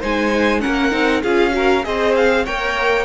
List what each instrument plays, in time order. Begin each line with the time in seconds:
0.00 cello G#3, viola D#4, violin C5 G#5
0.60 cello A#3, viola C#4, violin A#4 F#5
0.91 cello C4, viola D#4
1.22 cello C#4, viola F4, violin G#4 F5
1.51 viola F#4, violin A#4
1.84 cello C4, viola G#4, violin C5 D#5
2.15 violin F5
2.45 cello A#3, viola A#4, violin C#5 G5